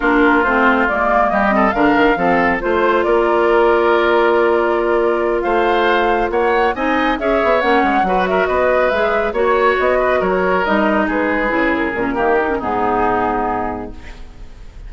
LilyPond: <<
  \new Staff \with { instrumentName = "flute" } { \time 4/4 \tempo 4 = 138 ais'4 c''4 d''4 dis''4 | f''2 c''4 d''4~ | d''1~ | d''8 f''2 fis''4 gis''8~ |
gis''8 e''4 fis''4. e''8 dis''8~ | dis''8 e''4 cis''4 dis''4 cis''8~ | cis''8 dis''4 b'4. ais'4~ | ais'4 gis'2. | }
  \new Staff \with { instrumentName = "oboe" } { \time 4/4 f'2. g'8 a'8 | ais'4 a'4 c''4 ais'4~ | ais'1~ | ais'8 c''2 cis''4 dis''8~ |
dis''8 cis''2 b'8 ais'8 b'8~ | b'4. cis''4. b'8 ais'8~ | ais'4. gis'2~ gis'8 | g'4 dis'2. | }
  \new Staff \with { instrumentName = "clarinet" } { \time 4/4 d'4 c'4 ais4. c'8 | d'4 c'4 f'2~ | f'1~ | f'2.~ f'8 dis'8~ |
dis'8 gis'4 cis'4 fis'4.~ | fis'8 gis'4 fis'2~ fis'8~ | fis'8 dis'2 e'4 cis'8 | ais8 dis'16 cis'16 b2. | }
  \new Staff \with { instrumentName = "bassoon" } { \time 4/4 ais4 a4 gis4 g4 | d8 dis8 f4 a4 ais4~ | ais1~ | ais8 a2 ais4 c'8~ |
c'8 cis'8 b8 ais8 gis8 fis4 b8~ | b8 gis4 ais4 b4 fis8~ | fis8 g4 gis4 cis4 ais,8 | dis4 gis,2. | }
>>